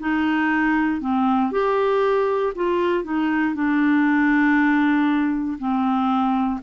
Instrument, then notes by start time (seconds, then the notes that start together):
clarinet
0.00 D#4
1.01 C4
1.52 G4
2.56 F4
3.04 D#4
3.55 D4
5.59 C4